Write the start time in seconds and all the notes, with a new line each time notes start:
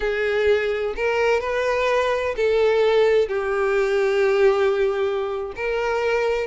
0.00 G#4
0.96 A#4
1.40 B4
2.36 A4
3.28 G4
5.55 A#4